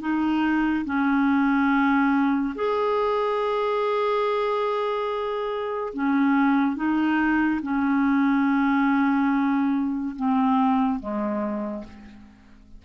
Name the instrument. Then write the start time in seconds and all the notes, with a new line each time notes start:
clarinet
0.00 D#4
0.85 C#4
2.55 G#4
5.93 C#4
6.75 D#4
7.62 C#4
10.16 C4
10.99 G#3